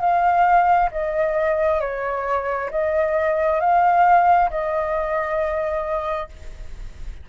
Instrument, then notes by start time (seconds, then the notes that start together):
flute
0.00 F5
0.91 D#5
1.80 C#5
2.70 D#5
3.60 F5
4.50 D#5